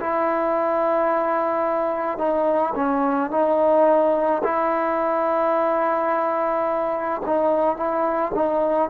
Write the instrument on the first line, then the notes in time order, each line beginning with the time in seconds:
trombone
0.00 E4
2.18 D#4
2.75 C#4
3.31 D#4
4.44 E4
7.25 D#4
7.76 E4
8.34 D#4